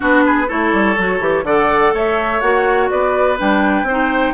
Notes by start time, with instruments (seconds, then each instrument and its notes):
0.00 bassoon B3, clarinet D4, oboe F#4, flute B4
0.26 oboe G#4
0.47 bassoon A3, clarinet E4, oboe A4, flute C#5
0.72 bassoon G3
0.97 bassoon F#3, clarinet F#4
1.19 bassoon E3, clarinet G4
1.43 bassoon D3, clarinet A4, oboe D5, flute F#5
1.93 bassoon A3, oboe C#5, flute E5
2.40 bassoon A#3, clarinet F#4, flute F#5
2.89 bassoon B3, oboe B4, flute D5
3.37 bassoon G3, clarinet D4, flute G5
3.82 bassoon C4, oboe C5
3.90 clarinet D#4